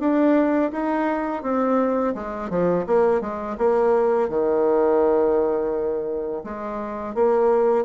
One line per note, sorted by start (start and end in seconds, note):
0.00 0.71 D4
0.72 1.43 D#4
1.43 2.14 C4
2.15 2.50 G#3
2.50 2.86 F3
2.87 3.21 A#3
3.21 3.57 G#3
3.58 4.29 A#3
4.29 6.44 D#3
6.44 7.15 G#3
7.15 7.85 A#3